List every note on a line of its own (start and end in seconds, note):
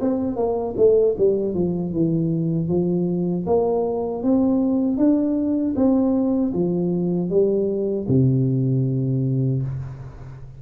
0.00 0.36 C4
0.36 0.74 A#3
0.77 1.15 A3
1.17 1.54 G3
1.54 1.92 F3
1.92 2.68 E3
2.68 3.45 F3
3.45 4.22 A#3
4.22 4.97 C4
4.97 5.74 D4
5.76 6.52 C4
6.53 7.29 F3
7.29 8.06 G3
8.08 9.62 C3